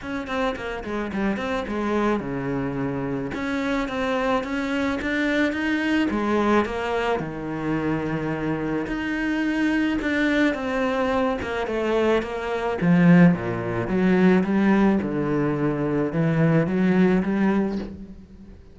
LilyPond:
\new Staff \with { instrumentName = "cello" } { \time 4/4 \tempo 4 = 108 cis'8 c'8 ais8 gis8 g8 c'8 gis4 | cis2 cis'4 c'4 | cis'4 d'4 dis'4 gis4 | ais4 dis2. |
dis'2 d'4 c'4~ | c'8 ais8 a4 ais4 f4 | ais,4 fis4 g4 d4~ | d4 e4 fis4 g4 | }